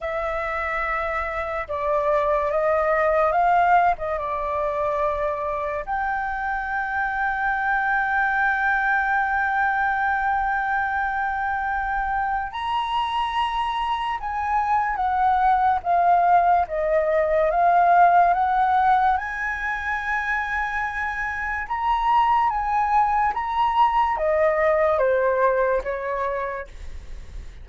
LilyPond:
\new Staff \with { instrumentName = "flute" } { \time 4/4 \tempo 4 = 72 e''2 d''4 dis''4 | f''8. dis''16 d''2 g''4~ | g''1~ | g''2. ais''4~ |
ais''4 gis''4 fis''4 f''4 | dis''4 f''4 fis''4 gis''4~ | gis''2 ais''4 gis''4 | ais''4 dis''4 c''4 cis''4 | }